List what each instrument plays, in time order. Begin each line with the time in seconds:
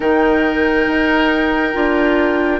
0.00 bassoon D#3, clarinet D#4, oboe A#4, flute G5
0.87 bassoon D#4
1.73 bassoon D4, clarinet F4